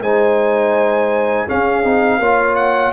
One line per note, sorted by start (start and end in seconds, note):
0.00 1.46 G#3
0.00 1.48 D#4
0.00 1.45 C5
0.00 1.48 G#5
1.45 1.84 C#4
1.45 2.18 G#4
1.45 2.55 F5
1.84 2.18 C4
1.84 2.20 D#4
2.18 2.92 A#3
2.18 2.93 F4
2.18 2.93 C#5
2.55 2.92 F#5